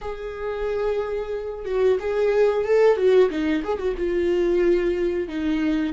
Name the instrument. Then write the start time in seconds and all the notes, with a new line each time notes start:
viola
0.01 G#4
1.65 F#4
1.99 G#4
2.64 A4
2.96 F#4
3.30 D#4
3.63 G#4
3.78 F#4
3.97 F4
5.28 D#4